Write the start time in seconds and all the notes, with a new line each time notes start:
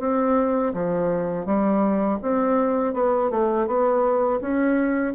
0.00 C4
0.74 F3
1.46 G3
2.23 C4
2.94 B3
3.31 A3
3.67 B3
4.41 C#4